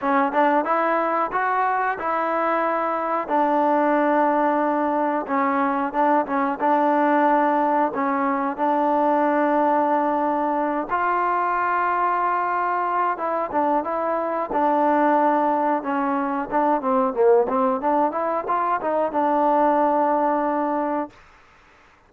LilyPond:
\new Staff \with { instrumentName = "trombone" } { \time 4/4 \tempo 4 = 91 cis'8 d'8 e'4 fis'4 e'4~ | e'4 d'2. | cis'4 d'8 cis'8 d'2 | cis'4 d'2.~ |
d'8 f'2.~ f'8 | e'8 d'8 e'4 d'2 | cis'4 d'8 c'8 ais8 c'8 d'8 e'8 | f'8 dis'8 d'2. | }